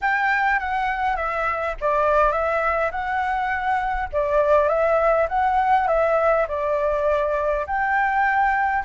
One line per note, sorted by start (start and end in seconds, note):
0.01 0.59 G5
0.59 1.16 F#5
1.16 1.75 E5
1.80 2.32 D5
2.32 2.90 E5
2.91 4.09 F#5
4.12 4.68 D5
4.68 5.27 E5
5.28 5.87 F#5
5.87 6.46 E5
6.48 7.66 D5
7.66 8.84 G5